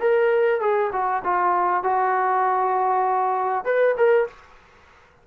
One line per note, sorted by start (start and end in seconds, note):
0.00 0.61 A#4
0.61 0.91 G#4
0.93 1.23 F#4
1.24 1.83 F4
1.83 3.65 F#4
3.65 3.95 B4
3.97 4.27 A#4